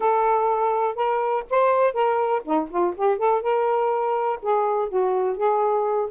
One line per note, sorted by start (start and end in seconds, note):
0.00 0.95 A4
0.95 1.43 A#4
1.50 1.93 C5
1.93 2.42 A#4
2.44 2.68 D#4
2.70 2.94 F4
2.96 3.18 G4
3.18 3.41 A4
3.41 4.39 A#4
4.41 4.88 G#4
4.88 5.37 F#4
5.37 6.10 G#4